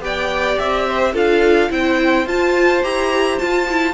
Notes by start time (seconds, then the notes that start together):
0.00 B3 G4 D5 G5
0.59 C4 E5
0.89 C5
1.13 D4 F4 A4 F5
1.70 C4 E4 C5 G5
2.26 F4 A5
2.83 E4 G4 A#5
3.39 F4 A5
3.70 E4